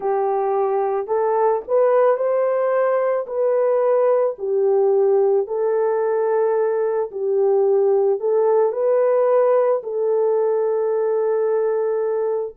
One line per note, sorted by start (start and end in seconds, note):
0.00 1.07 G4
1.07 1.61 A4
1.67 2.16 B4
2.16 3.25 C5
3.26 4.35 B4
4.38 5.47 G4
5.47 7.11 A4
7.11 8.20 G4
8.20 8.72 A4
8.72 9.81 B4
9.83 12.56 A4